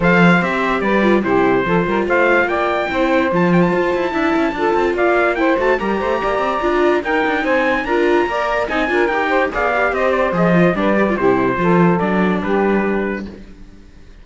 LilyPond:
<<
  \new Staff \with { instrumentName = "trumpet" } { \time 4/4 \tempo 4 = 145 f''4 e''4 d''4 c''4~ | c''4 f''4 g''2 | a''8 g''16 a''2.~ a''16 | f''4 g''8 a''8 ais''2~ |
ais''4 g''4 gis''4 ais''4~ | ais''4 gis''4 g''4 f''4 | dis''8 d''8 dis''4 d''4 c''4~ | c''4 d''4 b'2 | }
  \new Staff \with { instrumentName = "saxophone" } { \time 4/4 c''2 b'4 g'4 | a'8 ais'8 c''4 d''4 c''4~ | c''2 e''4 a'4 | d''4 c''4 ais'8 c''8 d''4~ |
d''4 ais'4 c''4 ais'4 | d''4 dis''8 ais'4 c''8 d''4 | c''2 b'4 g'4 | a'2 g'2 | }
  \new Staff \with { instrumentName = "viola" } { \time 4/4 a'4 g'4. f'8 e'4 | f'2. e'4 | f'2 e'4 f'4~ | f'4 e'8 fis'8 g'2 |
f'4 dis'2 f'4 | ais'4 dis'8 f'8 g'4 gis'8 g'8~ | g'4 gis'8 f'8 d'8 g'16 f'16 e'4 | f'4 d'2. | }
  \new Staff \with { instrumentName = "cello" } { \time 4/4 f4 c'4 g4 c4 | f8 g8 a4 ais4 c'4 | f4 f'8 e'8 d'8 cis'8 d'8 c'8 | ais4. a8 g8 a8 ais8 c'8 |
d'4 dis'8 d'8 c'4 d'4 | ais4 c'8 d'8 dis'4 b4 | c'4 f4 g4 c4 | f4 fis4 g2 | }
>>